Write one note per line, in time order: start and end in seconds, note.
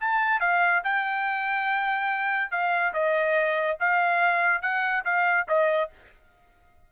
0.00 0.40 A5
0.40 0.82 F5
0.84 2.51 G5
2.51 2.93 F5
2.93 3.78 D#5
3.80 4.62 F5
4.62 5.04 F#5
5.05 5.47 F5
5.48 5.90 D#5